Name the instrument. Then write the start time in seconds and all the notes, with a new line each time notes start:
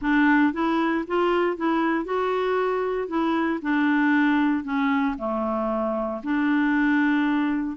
clarinet
0.01 D4
0.53 E4
1.07 F4
1.57 E4
2.04 F#4
3.08 E4
3.62 D4
4.63 C#4
5.17 A3
6.23 D4